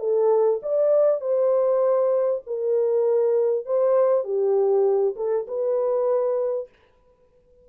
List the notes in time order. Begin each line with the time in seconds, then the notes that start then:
0.00 A4
0.63 D5
1.21 C5
2.47 A#4
3.66 C5
4.24 G4
5.17 A4
5.48 B4